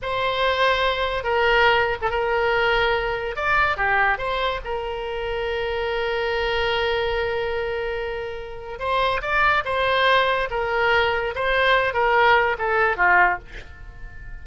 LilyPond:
\new Staff \with { instrumentName = "oboe" } { \time 4/4 \tempo 4 = 143 c''2. ais'4~ | ais'8. a'16 ais'2. | d''4 g'4 c''4 ais'4~ | ais'1~ |
ais'1~ | ais'4 c''4 d''4 c''4~ | c''4 ais'2 c''4~ | c''8 ais'4. a'4 f'4 | }